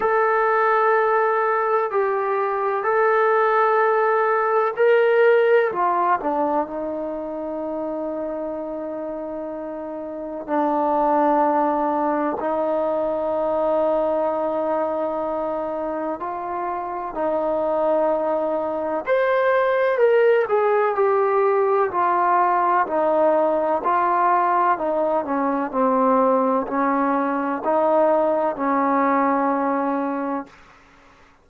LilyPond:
\new Staff \with { instrumentName = "trombone" } { \time 4/4 \tempo 4 = 63 a'2 g'4 a'4~ | a'4 ais'4 f'8 d'8 dis'4~ | dis'2. d'4~ | d'4 dis'2.~ |
dis'4 f'4 dis'2 | c''4 ais'8 gis'8 g'4 f'4 | dis'4 f'4 dis'8 cis'8 c'4 | cis'4 dis'4 cis'2 | }